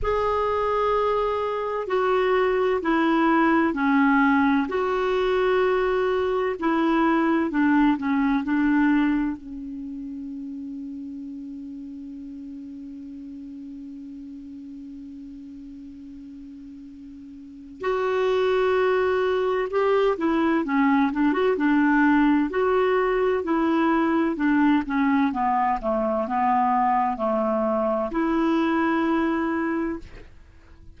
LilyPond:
\new Staff \with { instrumentName = "clarinet" } { \time 4/4 \tempo 4 = 64 gis'2 fis'4 e'4 | cis'4 fis'2 e'4 | d'8 cis'8 d'4 cis'2~ | cis'1~ |
cis'2. fis'4~ | fis'4 g'8 e'8 cis'8 d'16 fis'16 d'4 | fis'4 e'4 d'8 cis'8 b8 a8 | b4 a4 e'2 | }